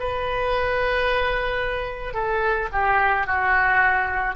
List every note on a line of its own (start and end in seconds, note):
0.00 2.14 B4
2.14 2.68 A4
2.72 3.26 G4
3.26 4.35 F#4